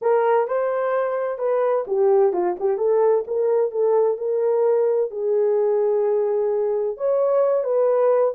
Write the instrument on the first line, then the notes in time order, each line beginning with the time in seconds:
horn
0.01 A#4
0.47 C5
1.38 B4
1.87 G4
2.33 F4
2.59 G4
2.77 A4
3.27 A#4
3.71 A4
4.17 A#4
5.11 G#4
6.97 C#5
7.64 B4